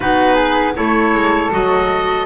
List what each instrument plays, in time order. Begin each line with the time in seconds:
0.00 double bass B3, clarinet D#4, flute F#4, oboe B4
0.34 flute G#4
0.75 double bass A3, clarinet E4, flute A4, oboe C#5
1.14 double bass G#3
1.51 double bass F#3, clarinet F#4, oboe D#5